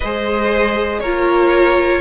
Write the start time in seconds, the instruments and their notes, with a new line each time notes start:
0.00 cello G#3, viola G#4, violin C5 D#5
1.00 cello A#3, viola F4, violin A#4 C#5